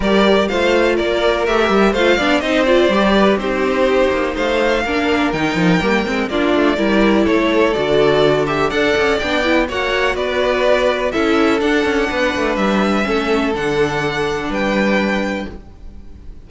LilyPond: <<
  \new Staff \with { instrumentName = "violin" } { \time 4/4 \tempo 4 = 124 d''4 f''4 d''4 e''4 | f''4 dis''8 d''4. c''4~ | c''4 f''2 g''4~ | g''4 d''2 cis''4 |
d''4. e''8 fis''4 g''4 | fis''4 d''2 e''4 | fis''2 e''2 | fis''2 g''2 | }
  \new Staff \with { instrumentName = "violin" } { \time 4/4 ais'4 c''4 ais'2 | c''8 d''8 c''4. b'8 g'4~ | g'4 c''4 ais'2~ | ais'4 f'4 ais'4 a'4~ |
a'2 d''2 | cis''4 b'2 a'4~ | a'4 b'2 a'4~ | a'2 b'2 | }
  \new Staff \with { instrumentName = "viola" } { \time 4/4 g'4 f'2 g'4 | f'8 d'8 dis'8 f'8 g'4 dis'4~ | dis'2 d'4 dis'4 | ais8 c'8 d'4 e'2 |
fis'4. g'8 a'4 d'8 e'8 | fis'2. e'4 | d'2. cis'4 | d'1 | }
  \new Staff \with { instrumentName = "cello" } { \time 4/4 g4 a4 ais4 a8 g8 | a8 b8 c'4 g4 c'4~ | c'8 ais8 a4 ais4 dis8 f8 | g8 gis8 ais8 a8 g4 a4 |
d2 d'8 cis'8 b4 | ais4 b2 cis'4 | d'8 cis'8 b8 a8 g4 a4 | d2 g2 | }
>>